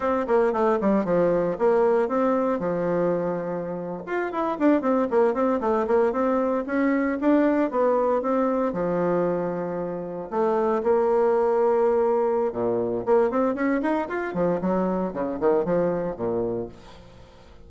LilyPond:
\new Staff \with { instrumentName = "bassoon" } { \time 4/4 \tempo 4 = 115 c'8 ais8 a8 g8 f4 ais4 | c'4 f2~ f8. f'16~ | f'16 e'8 d'8 c'8 ais8 c'8 a8 ais8 c'16~ | c'8. cis'4 d'4 b4 c'16~ |
c'8. f2. a16~ | a8. ais2.~ ais16 | ais,4 ais8 c'8 cis'8 dis'8 f'8 f8 | fis4 cis8 dis8 f4 ais,4 | }